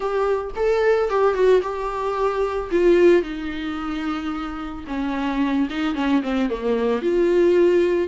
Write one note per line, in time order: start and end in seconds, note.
0.00 0.51 G4
0.56 1.09 A4
1.09 1.34 G4
1.34 1.61 F#4
1.62 2.70 G4
2.71 3.22 F4
3.22 4.84 D#4
4.87 5.68 C#4
5.70 5.95 D#4
5.95 6.22 C#4
6.22 6.49 C4
6.49 7.01 A#3
7.01 8.07 F4